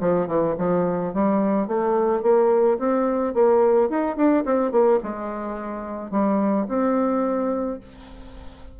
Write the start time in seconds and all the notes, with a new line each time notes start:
0.00 F3
0.27 E3
0.58 F3
1.13 G3
1.67 A3
2.22 A#3
2.79 C4
3.34 A#3
3.90 D#4
4.16 D4
4.45 C4
4.71 A#3
5.03 G#3
6.11 G3
6.68 C4